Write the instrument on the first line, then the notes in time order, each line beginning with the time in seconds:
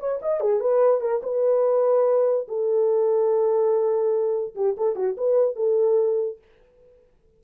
horn
0.00 C#5
0.22 D#5
0.41 G#4
0.60 B4
1.01 A#4
1.23 B4
2.48 A4
4.56 G4
4.78 A4
4.96 F#4
5.18 B4
5.56 A4